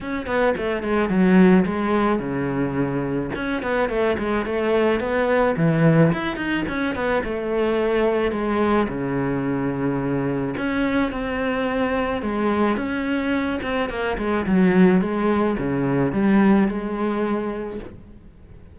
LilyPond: \new Staff \with { instrumentName = "cello" } { \time 4/4 \tempo 4 = 108 cis'8 b8 a8 gis8 fis4 gis4 | cis2 cis'8 b8 a8 gis8 | a4 b4 e4 e'8 dis'8 | cis'8 b8 a2 gis4 |
cis2. cis'4 | c'2 gis4 cis'4~ | cis'8 c'8 ais8 gis8 fis4 gis4 | cis4 g4 gis2 | }